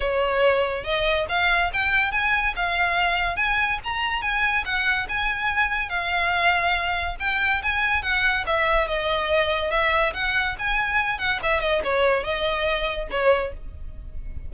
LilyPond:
\new Staff \with { instrumentName = "violin" } { \time 4/4 \tempo 4 = 142 cis''2 dis''4 f''4 | g''4 gis''4 f''2 | gis''4 ais''4 gis''4 fis''4 | gis''2 f''2~ |
f''4 g''4 gis''4 fis''4 | e''4 dis''2 e''4 | fis''4 gis''4. fis''8 e''8 dis''8 | cis''4 dis''2 cis''4 | }